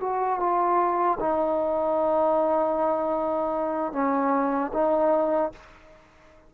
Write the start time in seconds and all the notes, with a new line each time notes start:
0.00 F#4
0.39 F4
1.19 D#4
3.92 C#4
4.73 D#4